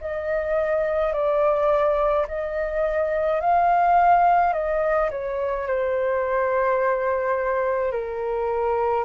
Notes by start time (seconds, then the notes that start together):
0.00 D#5
1.13 D5
2.27 D#5
3.40 F5
4.53 D#5
5.10 C#5
5.67 C5
7.91 A#4